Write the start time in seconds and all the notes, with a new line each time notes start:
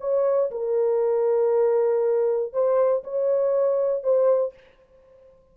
0.00 C#5
0.51 A#4
2.53 C5
3.04 C#5
4.03 C5